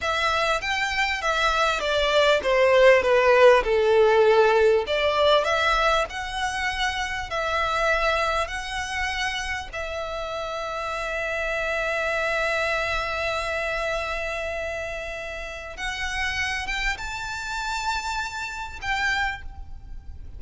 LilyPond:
\new Staff \with { instrumentName = "violin" } { \time 4/4 \tempo 4 = 99 e''4 g''4 e''4 d''4 | c''4 b'4 a'2 | d''4 e''4 fis''2 | e''2 fis''2 |
e''1~ | e''1~ | e''2 fis''4. g''8 | a''2. g''4 | }